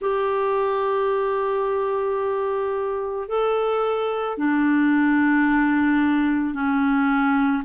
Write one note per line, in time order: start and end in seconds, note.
0.01 3.28 G4
3.28 4.37 A4
4.37 6.54 D4
6.54 7.63 C#4